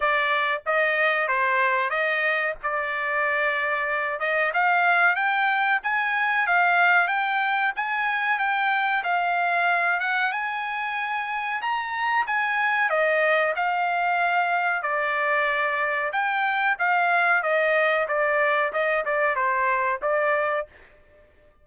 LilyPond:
\new Staff \with { instrumentName = "trumpet" } { \time 4/4 \tempo 4 = 93 d''4 dis''4 c''4 dis''4 | d''2~ d''8 dis''8 f''4 | g''4 gis''4 f''4 g''4 | gis''4 g''4 f''4. fis''8 |
gis''2 ais''4 gis''4 | dis''4 f''2 d''4~ | d''4 g''4 f''4 dis''4 | d''4 dis''8 d''8 c''4 d''4 | }